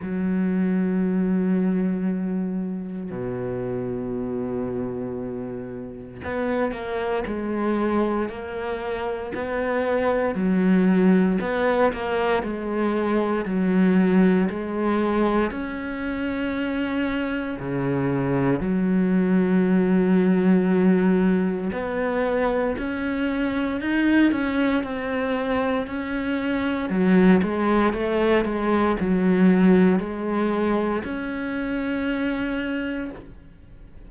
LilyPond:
\new Staff \with { instrumentName = "cello" } { \time 4/4 \tempo 4 = 58 fis2. b,4~ | b,2 b8 ais8 gis4 | ais4 b4 fis4 b8 ais8 | gis4 fis4 gis4 cis'4~ |
cis'4 cis4 fis2~ | fis4 b4 cis'4 dis'8 cis'8 | c'4 cis'4 fis8 gis8 a8 gis8 | fis4 gis4 cis'2 | }